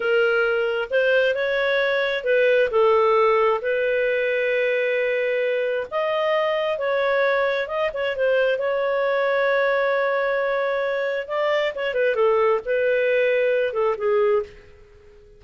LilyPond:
\new Staff \with { instrumentName = "clarinet" } { \time 4/4 \tempo 4 = 133 ais'2 c''4 cis''4~ | cis''4 b'4 a'2 | b'1~ | b'4 dis''2 cis''4~ |
cis''4 dis''8 cis''8 c''4 cis''4~ | cis''1~ | cis''4 d''4 cis''8 b'8 a'4 | b'2~ b'8 a'8 gis'4 | }